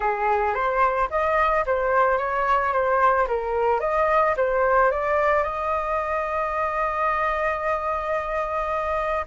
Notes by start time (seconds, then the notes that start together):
0.00 G#4
0.54 C5
1.10 D#5
1.65 C5
2.18 C#5
2.72 C5
3.27 A#4
3.80 D#5
4.36 C5
4.91 D5
5.43 D#5